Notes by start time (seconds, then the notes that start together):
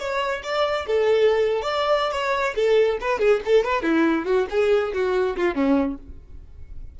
0.00 C#5
0.43 D5
0.87 A4
1.62 D5
2.12 C#5
2.56 A4
3.01 B4
3.19 G#4
3.45 A4
3.65 B4
3.83 E4
4.25 F#4
4.50 G#4
4.94 F#4
5.37 F4
5.55 C#4